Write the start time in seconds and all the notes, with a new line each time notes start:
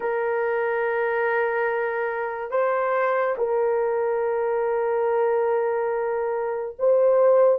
0.00 A#4
2.50 C5
3.37 A#4
6.78 C5